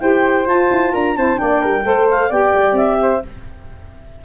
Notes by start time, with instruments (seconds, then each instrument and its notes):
0.00 tuba E4, saxophone G4, flute C5, clarinet G5
0.46 tuba F4, saxophone F4, clarinet A5
0.71 tuba E4
0.91 tuba D4, flute A#4, clarinet A#5
1.16 tuba C4, saxophone E4, flute C5, clarinet A5
1.36 tuba A#3, saxophone D4, flute D5, clarinet G5
1.61 tuba G3, flute A#4
1.84 tuba A3, saxophone A4, flute C5
2.10 clarinet F5
2.29 tuba B3, saxophone G4, flute D5, clarinet G5
2.54 tuba G3
2.72 tuba C4, clarinet E5
3.02 flute C5